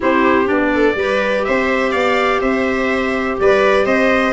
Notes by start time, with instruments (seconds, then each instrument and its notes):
0.00 tuba C4, clarinet E4, viola G4, trumpet C5
0.45 tuba B3, clarinet D4, trumpet D5
0.74 viola A4
0.95 tuba G3, clarinet G4, viola B4
1.44 tuba C4, viola C5, trumpet E5
1.91 tuba B3, viola D5, trumpet F5
2.41 tuba C4, viola C5, trumpet E5
3.40 tuba G3, viola B4, trumpet D5
3.85 tuba C4, viola C5, trumpet D#5